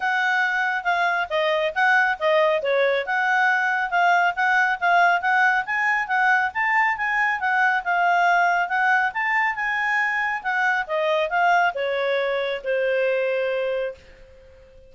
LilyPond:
\new Staff \with { instrumentName = "clarinet" } { \time 4/4 \tempo 4 = 138 fis''2 f''4 dis''4 | fis''4 dis''4 cis''4 fis''4~ | fis''4 f''4 fis''4 f''4 | fis''4 gis''4 fis''4 a''4 |
gis''4 fis''4 f''2 | fis''4 a''4 gis''2 | fis''4 dis''4 f''4 cis''4~ | cis''4 c''2. | }